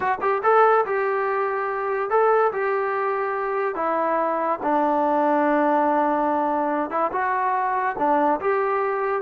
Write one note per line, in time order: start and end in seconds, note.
0.00 0.18 F#4
0.21 0.42 G4
0.43 0.85 A4
0.85 2.10 G4
2.10 2.52 A4
2.52 3.75 G4
3.75 4.59 E4
4.62 6.90 D4
6.90 7.11 E4
7.11 7.95 F#4
7.98 8.40 D4
8.40 9.21 G4